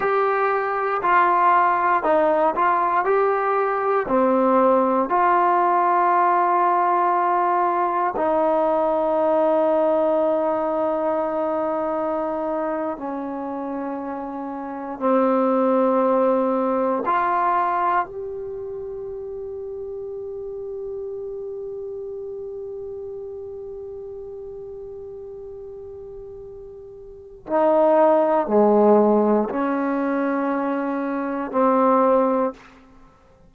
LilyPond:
\new Staff \with { instrumentName = "trombone" } { \time 4/4 \tempo 4 = 59 g'4 f'4 dis'8 f'8 g'4 | c'4 f'2. | dis'1~ | dis'8. cis'2 c'4~ c'16~ |
c'8. f'4 g'2~ g'16~ | g'1~ | g'2. dis'4 | gis4 cis'2 c'4 | }